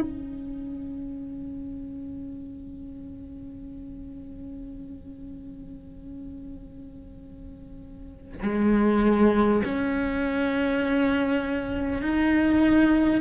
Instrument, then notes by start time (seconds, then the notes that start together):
cello
0.00 C#4
8.42 G#3
9.64 C#4
12.01 D#4